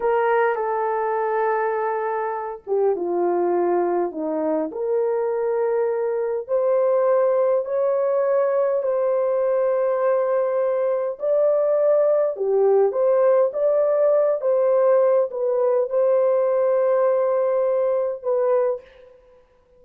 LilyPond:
\new Staff \with { instrumentName = "horn" } { \time 4/4 \tempo 4 = 102 ais'4 a'2.~ | a'8 g'8 f'2 dis'4 | ais'2. c''4~ | c''4 cis''2 c''4~ |
c''2. d''4~ | d''4 g'4 c''4 d''4~ | d''8 c''4. b'4 c''4~ | c''2. b'4 | }